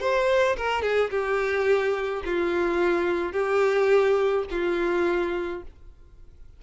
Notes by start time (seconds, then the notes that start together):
0.00 C5
0.56 A#4
0.82 G#4
1.10 G4
2.25 F4
3.32 G4
4.50 F4